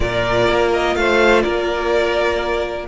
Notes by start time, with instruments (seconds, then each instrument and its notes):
0.00 cello A#2, viola F4, violin A#4 D5
0.48 cello A#3
0.72 violin D#5
0.95 cello A3, violin C5 F5
1.41 cello A#3, violin A#4 D5